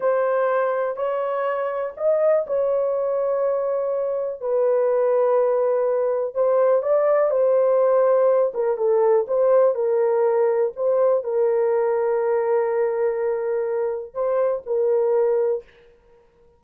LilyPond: \new Staff \with { instrumentName = "horn" } { \time 4/4 \tempo 4 = 123 c''2 cis''2 | dis''4 cis''2.~ | cis''4 b'2.~ | b'4 c''4 d''4 c''4~ |
c''4. ais'8 a'4 c''4 | ais'2 c''4 ais'4~ | ais'1~ | ais'4 c''4 ais'2 | }